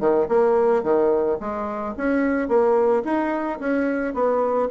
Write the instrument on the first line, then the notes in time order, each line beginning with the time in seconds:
bassoon
0.00 D#3
0.28 A#3
0.83 D#3
1.40 G#3
1.97 C#4
2.48 A#3
3.04 D#4
3.60 C#4
4.14 B3